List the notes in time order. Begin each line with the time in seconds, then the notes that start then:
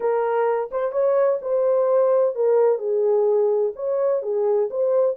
0.00 A#4
0.71 C5
0.91 C#5
1.41 C5
2.35 A#4
2.78 G#4
3.75 C#5
4.22 G#4
4.70 C5